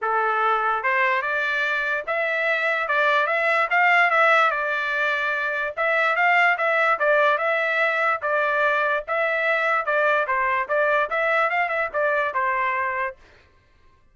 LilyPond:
\new Staff \with { instrumentName = "trumpet" } { \time 4/4 \tempo 4 = 146 a'2 c''4 d''4~ | d''4 e''2 d''4 | e''4 f''4 e''4 d''4~ | d''2 e''4 f''4 |
e''4 d''4 e''2 | d''2 e''2 | d''4 c''4 d''4 e''4 | f''8 e''8 d''4 c''2 | }